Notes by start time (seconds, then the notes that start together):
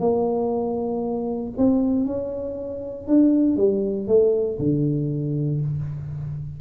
0.00 A#3
1.58 C4
2.06 C#4
3.08 D4
3.57 G3
4.08 A3
4.59 D3